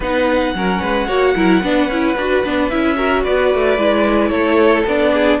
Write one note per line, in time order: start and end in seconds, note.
0.00 0.53 B3
0.00 0.55 D#4
0.00 0.53 B4
0.00 2.69 F#5
0.53 0.81 F#3
0.53 1.08 C#4
0.53 0.81 A#4
0.81 1.08 G#3
0.81 1.06 B4
1.06 1.35 A#3
1.06 1.35 F#4
1.06 1.33 C#5
1.35 1.62 F#3
1.35 1.62 E4
1.35 1.61 A#4
1.61 1.88 B3
1.61 1.90 D4
1.61 2.95 B4
1.88 2.15 C#4
1.88 2.18 E4
2.17 2.44 D4
2.17 2.44 F#4
2.44 2.71 B3
2.44 2.70 D4
2.69 3.26 C#4
2.69 2.96 E4
2.69 3.23 E5
2.95 3.77 F#4
2.95 3.22 A#4
3.23 3.54 B3
3.23 4.30 B4
3.23 4.29 D5
3.54 3.77 A3
3.77 4.30 G#3
3.77 4.86 E4
4.29 4.84 A3
4.29 5.11 A4
4.29 4.83 C#5
4.85 5.39 B3
4.85 5.40 D4
4.85 5.40 D5
5.13 5.40 G#4